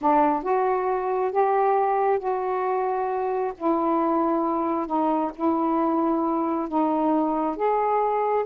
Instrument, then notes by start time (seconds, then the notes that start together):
saxophone
0.01 D4
0.42 F#4
1.31 G4
2.19 F#4
3.57 E4
4.86 D#4
5.35 E4
6.68 D#4
7.56 G#4